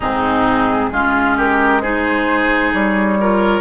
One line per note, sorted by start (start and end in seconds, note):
0.00 0.91 G#2
0.00 0.92 C4
0.00 0.89 D#4
0.00 1.37 G#4
0.91 2.73 G#3
0.91 1.82 C#4
0.91 1.36 F4
1.36 1.81 G4
1.36 1.81 A#4
1.81 3.19 D#4
1.81 3.18 G#4
1.81 2.72 C5
2.73 3.60 G3
2.73 3.60 C#5
3.20 3.60 F4
3.20 3.60 A#4